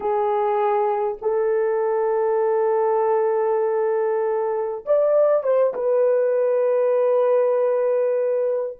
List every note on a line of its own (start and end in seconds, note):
0.00 1.17 G#4
1.21 4.85 A4
4.85 5.43 D5
5.43 5.73 C5
5.74 8.77 B4